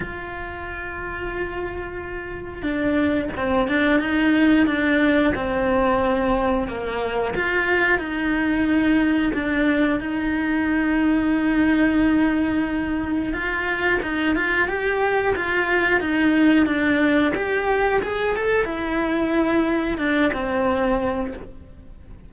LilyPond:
\new Staff \with { instrumentName = "cello" } { \time 4/4 \tempo 4 = 90 f'1 | d'4 c'8 d'8 dis'4 d'4 | c'2 ais4 f'4 | dis'2 d'4 dis'4~ |
dis'1 | f'4 dis'8 f'8 g'4 f'4 | dis'4 d'4 g'4 gis'8 a'8 | e'2 d'8 c'4. | }